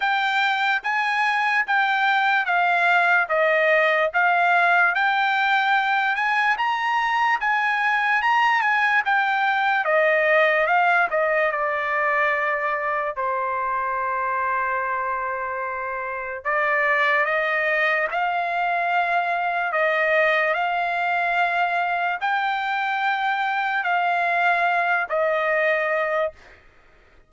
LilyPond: \new Staff \with { instrumentName = "trumpet" } { \time 4/4 \tempo 4 = 73 g''4 gis''4 g''4 f''4 | dis''4 f''4 g''4. gis''8 | ais''4 gis''4 ais''8 gis''8 g''4 | dis''4 f''8 dis''8 d''2 |
c''1 | d''4 dis''4 f''2 | dis''4 f''2 g''4~ | g''4 f''4. dis''4. | }